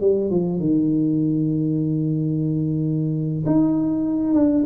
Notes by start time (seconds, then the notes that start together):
0.00 G3
0.30 F3
0.59 D#3
3.46 D#4
4.34 D4